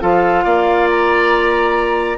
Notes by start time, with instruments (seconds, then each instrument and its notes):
0.00 bassoon F3, clarinet F4, oboe A4, flute F5
0.44 bassoon A#3, oboe D5
0.90 flute A#5